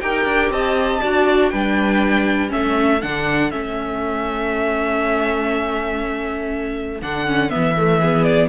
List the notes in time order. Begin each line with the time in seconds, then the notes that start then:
0.00 D#4 G4 A#4 G5
0.25 D4
0.50 C4 D#5 A5
1.01 D4 F#4 D5
1.49 G3 D4 B4 G5
2.49 A3 C#4 A4 E5
3.02 D3 D4 F#5
3.51 A3 C#4 E5
7.02 D3 D4 F#5
7.27 C#4
7.50 E3 B3 E5
7.77 A3
7.99 B3 G#4
8.24 D5